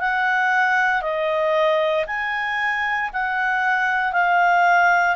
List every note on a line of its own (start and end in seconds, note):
0.00 1.02 F#5
1.02 2.05 D#5
2.07 3.10 G#5
3.13 4.13 F#5
4.13 5.16 F5